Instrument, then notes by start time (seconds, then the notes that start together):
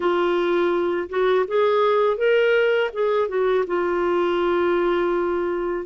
clarinet
0.00 F4
1.09 F#4
1.47 G#4
2.17 A#4
2.93 G#4
3.28 F#4
3.66 F4